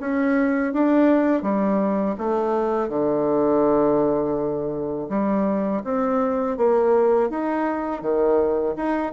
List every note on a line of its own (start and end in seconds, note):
0.00 0.73 C#4
0.73 1.42 D4
1.42 2.16 G3
2.18 2.89 A3
2.89 5.08 D3
5.09 5.82 G3
5.84 6.57 C4
6.57 7.29 A#3
7.29 8.02 D#4
8.02 8.75 D#3
8.76 9.12 D#4